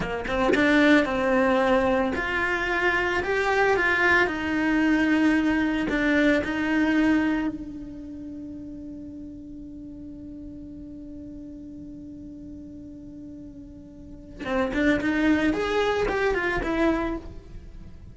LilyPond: \new Staff \with { instrumentName = "cello" } { \time 4/4 \tempo 4 = 112 ais8 c'8 d'4 c'2 | f'2 g'4 f'4 | dis'2. d'4 | dis'2 d'2~ |
d'1~ | d'1~ | d'2. c'8 d'8 | dis'4 gis'4 g'8 f'8 e'4 | }